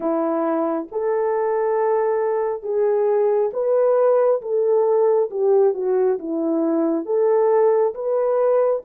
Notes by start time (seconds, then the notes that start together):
0.00 E4
0.91 A4
2.62 G#4
3.53 B4
4.41 A4
5.30 G4
5.74 F#4
6.18 E4
7.05 A4
7.94 B4